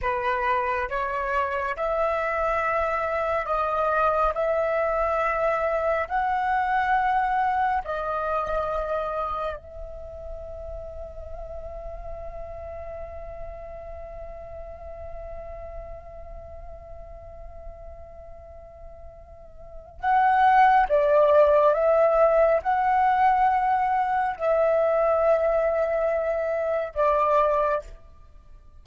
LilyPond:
\new Staff \with { instrumentName = "flute" } { \time 4/4 \tempo 4 = 69 b'4 cis''4 e''2 | dis''4 e''2 fis''4~ | fis''4 dis''2 e''4~ | e''1~ |
e''1~ | e''2. fis''4 | d''4 e''4 fis''2 | e''2. d''4 | }